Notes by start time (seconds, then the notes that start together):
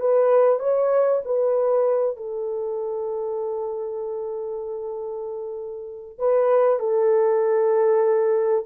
0.00 B4
0.59 C#5
1.25 B4
2.16 A4
6.18 B4
6.79 A4